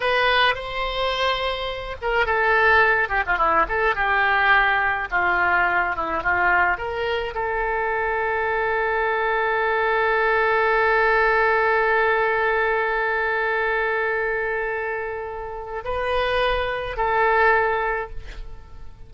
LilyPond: \new Staff \with { instrumentName = "oboe" } { \time 4/4 \tempo 4 = 106 b'4 c''2~ c''8 ais'8 | a'4. g'16 f'16 e'8 a'8 g'4~ | g'4 f'4. e'8 f'4 | ais'4 a'2.~ |
a'1~ | a'1~ | a'1 | b'2 a'2 | }